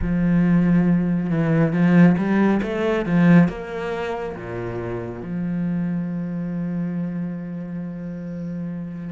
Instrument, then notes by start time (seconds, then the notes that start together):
cello
0.01 F3
1.30 E3
1.72 F3
2.17 G3
2.62 A3
3.05 F3
3.48 A#3
4.36 A#2
5.22 F3